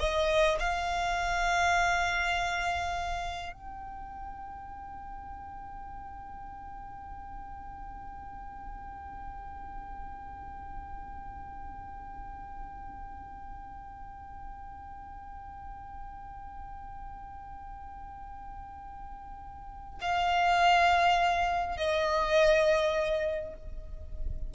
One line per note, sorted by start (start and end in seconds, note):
0.00 0.59 D#5
0.60 3.53 F5
3.53 20.00 G5
20.02 21.78 F5
21.78 23.54 D#5